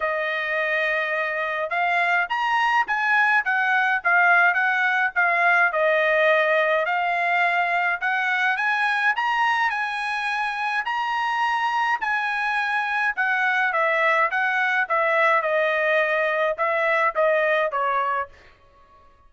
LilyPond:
\new Staff \with { instrumentName = "trumpet" } { \time 4/4 \tempo 4 = 105 dis''2. f''4 | ais''4 gis''4 fis''4 f''4 | fis''4 f''4 dis''2 | f''2 fis''4 gis''4 |
ais''4 gis''2 ais''4~ | ais''4 gis''2 fis''4 | e''4 fis''4 e''4 dis''4~ | dis''4 e''4 dis''4 cis''4 | }